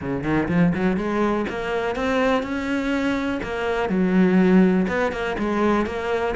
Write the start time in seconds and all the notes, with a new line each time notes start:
0.01 C#3
0.23 D#3
0.48 F3
0.74 F#3
0.96 G#3
1.49 A#3
1.95 C4
2.43 C#4
3.42 A#3
3.89 F#3
4.88 B3
5.12 A#3
5.38 G#3
5.85 A#3